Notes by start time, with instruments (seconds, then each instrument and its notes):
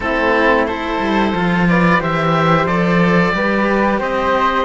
0.00 cello A3 C4, flute E4, oboe A4
0.66 cello E4, flute A4, oboe C5
0.99 cello G3
1.32 cello F3 F4
1.68 flute B4, oboe D5
2.00 cello E3 G4, flute C5, oboe E5
2.65 cello F3 A4, oboe D5
3.32 cello G3 G4, flute B4
3.99 cello C4, flute C5, oboe D#5